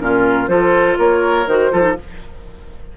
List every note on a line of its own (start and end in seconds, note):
0.00 0.48 A#2
0.00 0.48 C#4
0.00 0.50 F4
0.00 0.48 A#4
0.48 0.97 F3
0.48 1.46 F4
0.48 0.98 A4
0.48 0.97 C5
0.98 1.47 A#3
0.98 1.72 A#4
0.98 1.48 C#5
1.47 1.71 D#3
1.47 1.72 F#4
1.47 1.97 C5
1.72 1.97 F3
1.72 1.82 F4
1.72 1.97 A4
1.82 1.94 D#4